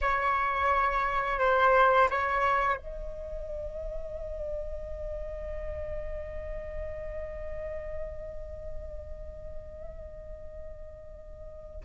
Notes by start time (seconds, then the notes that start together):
0.01 C#5
1.39 C5
2.10 C#5
2.76 D#5